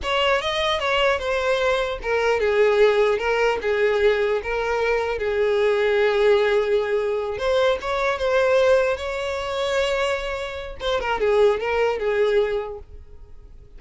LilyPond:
\new Staff \with { instrumentName = "violin" } { \time 4/4 \tempo 4 = 150 cis''4 dis''4 cis''4 c''4~ | c''4 ais'4 gis'2 | ais'4 gis'2 ais'4~ | ais'4 gis'2.~ |
gis'2~ gis'8 c''4 cis''8~ | cis''8 c''2 cis''4.~ | cis''2. c''8 ais'8 | gis'4 ais'4 gis'2 | }